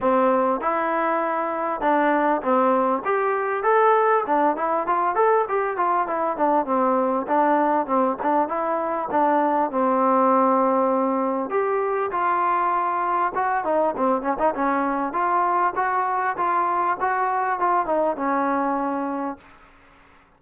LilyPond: \new Staff \with { instrumentName = "trombone" } { \time 4/4 \tempo 4 = 99 c'4 e'2 d'4 | c'4 g'4 a'4 d'8 e'8 | f'8 a'8 g'8 f'8 e'8 d'8 c'4 | d'4 c'8 d'8 e'4 d'4 |
c'2. g'4 | f'2 fis'8 dis'8 c'8 cis'16 dis'16 | cis'4 f'4 fis'4 f'4 | fis'4 f'8 dis'8 cis'2 | }